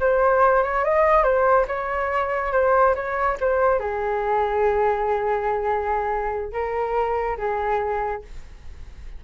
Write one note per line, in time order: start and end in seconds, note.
0.00 0.63 C5
0.63 0.84 C#5
0.84 1.23 D#5
1.23 1.66 C5
1.68 2.52 C#5
2.52 2.94 C5
2.95 3.37 C#5
3.40 3.80 C5
3.80 6.52 G#4
6.52 7.37 A#4
7.37 8.22 G#4